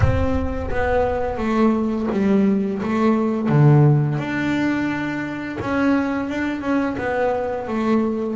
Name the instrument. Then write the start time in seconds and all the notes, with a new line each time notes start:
double bass
0.00 C4
0.70 B3
1.37 A3
2.12 G3
2.82 A3
3.49 D3
4.18 D4
5.60 C#4
6.29 D4
6.61 C#4
6.97 B3
7.67 A3